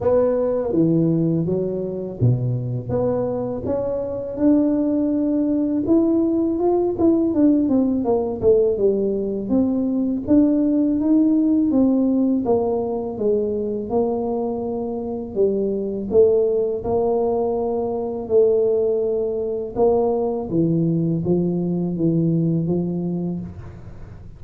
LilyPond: \new Staff \with { instrumentName = "tuba" } { \time 4/4 \tempo 4 = 82 b4 e4 fis4 b,4 | b4 cis'4 d'2 | e'4 f'8 e'8 d'8 c'8 ais8 a8 | g4 c'4 d'4 dis'4 |
c'4 ais4 gis4 ais4~ | ais4 g4 a4 ais4~ | ais4 a2 ais4 | e4 f4 e4 f4 | }